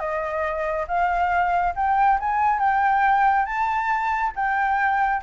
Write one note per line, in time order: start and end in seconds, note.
0.00 0.86 D#5
0.88 1.74 F5
1.76 2.19 G5
2.20 2.59 G#5
2.59 3.46 G5
3.46 4.32 A5
4.36 5.22 G5